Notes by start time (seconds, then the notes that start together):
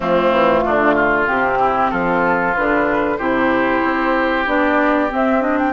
0.00 F3 A3 C4 F4
0.31 E3
0.65 D3 D4
0.94 F4
1.27 C3 C4 G4
1.59 E4
1.90 F3 F4 A4
2.55 D3 D4 B4
3.17 C3 E4 G4 C5
3.83 C4
4.46 B3 D4 D5
5.09 C4 E5
5.40 D4 D#5
5.58 G5